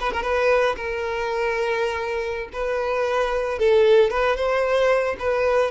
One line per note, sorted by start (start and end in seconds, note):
0.00 0.12 B4
0.12 0.22 A#4
0.22 0.76 B4
0.77 2.49 A#4
2.53 3.59 B4
3.59 4.11 A4
4.11 4.36 B4
4.36 5.16 C5
5.19 5.71 B4